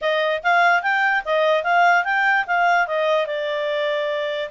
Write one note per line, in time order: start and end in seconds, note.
0.01 0.42 D#5
0.43 0.82 F5
0.82 1.23 G5
1.24 1.63 D#5
1.63 2.04 F5
2.04 2.45 G5
2.47 2.87 F5
2.87 3.26 D#5
3.26 4.49 D5